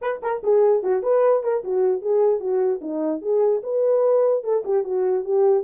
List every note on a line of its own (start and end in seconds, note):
0.01 0.21 B4
0.22 0.42 A#4
0.43 0.83 G#4
0.83 1.03 F#4
1.03 1.43 B4
1.43 1.63 A#4
1.64 2.01 F#4
2.01 2.40 G#4
2.40 2.80 F#4
2.81 3.21 D#4
3.21 3.61 G#4
3.63 4.43 B4
4.43 4.63 A4
4.64 4.84 G4
4.84 5.24 F#4
5.24 5.63 G4